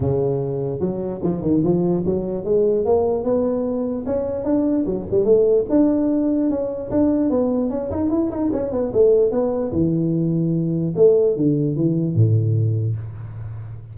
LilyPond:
\new Staff \with { instrumentName = "tuba" } { \time 4/4 \tempo 4 = 148 cis2 fis4 f8 dis8 | f4 fis4 gis4 ais4 | b2 cis'4 d'4 | fis8 g8 a4 d'2 |
cis'4 d'4 b4 cis'8 dis'8 | e'8 dis'8 cis'8 b8 a4 b4 | e2. a4 | d4 e4 a,2 | }